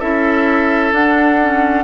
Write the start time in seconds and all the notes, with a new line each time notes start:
0.00 C#4 E4 A4 E5
0.92 D4 F#5
1.42 C#4